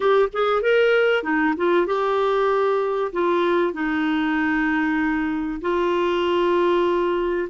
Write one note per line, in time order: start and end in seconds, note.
0.00 0.28 G4
0.32 0.62 G#4
0.62 1.23 A#4
1.23 1.54 D#4
1.57 1.86 F4
1.86 3.11 G4
3.12 3.73 F4
3.73 5.61 D#4
5.61 7.48 F4